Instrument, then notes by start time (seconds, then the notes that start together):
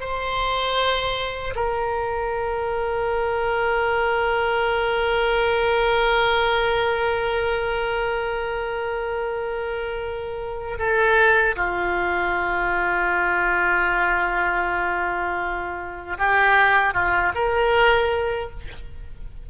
oboe
0.00 C5
1.55 A#4
10.78 A4
11.55 F4
16.18 G4
16.94 F4
17.34 A#4